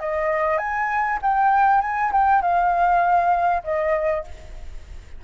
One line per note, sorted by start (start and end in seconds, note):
0.00 0.59 D#5
0.59 1.19 G#5
1.23 1.82 G5
1.82 2.12 G#5
2.12 2.42 G5
2.42 3.63 F5
3.64 4.25 D#5